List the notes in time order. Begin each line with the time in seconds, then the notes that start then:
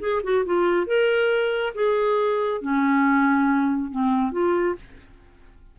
0.00 G#4
0.24 F#4
0.46 F4
0.87 A#4
1.75 G#4
2.61 C#4
3.91 C4
4.32 F4